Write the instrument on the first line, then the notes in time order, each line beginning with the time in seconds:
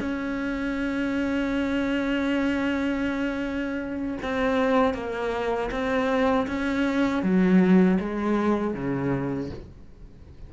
cello
0.00 C#4
4.23 C4
4.94 A#3
5.71 C4
6.47 C#4
7.23 F#3
8.00 G#3
8.74 C#3